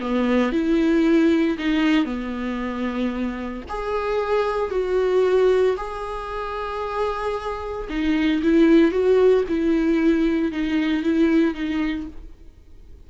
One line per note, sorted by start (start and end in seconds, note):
0.00 0.52 B3
0.52 1.57 E4
1.58 2.05 D#4
2.05 3.63 B3
3.69 4.71 G#4
4.71 5.76 F#4
5.77 7.87 G#4
7.89 8.42 D#4
8.42 8.91 E4
8.91 9.44 F#4
9.48 10.51 E4
10.51 11.03 D#4
11.03 11.54 E4
11.54 12.06 D#4